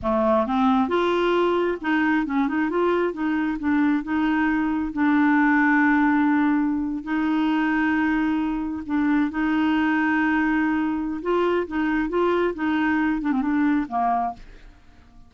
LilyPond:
\new Staff \with { instrumentName = "clarinet" } { \time 4/4 \tempo 4 = 134 a4 c'4 f'2 | dis'4 cis'8 dis'8 f'4 dis'4 | d'4 dis'2 d'4~ | d'2.~ d'8. dis'16~ |
dis'2.~ dis'8. d'16~ | d'8. dis'2.~ dis'16~ | dis'4 f'4 dis'4 f'4 | dis'4. d'16 c'16 d'4 ais4 | }